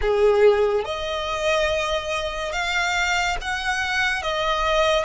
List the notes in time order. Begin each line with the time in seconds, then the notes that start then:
0.01 G#4
0.85 D#5
2.52 F5
3.41 F#5
4.22 D#5